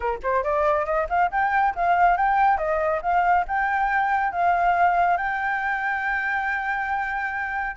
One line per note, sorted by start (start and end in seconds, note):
0.00 0.19 A#4
0.22 0.43 C5
0.43 0.85 D5
0.85 1.07 D#5
1.09 1.30 F5
1.31 1.74 G5
1.75 2.16 F5
2.16 2.57 G5
2.57 3.00 D#5
3.01 3.45 F5
3.47 4.32 G5
4.32 5.17 F5
5.17 7.76 G5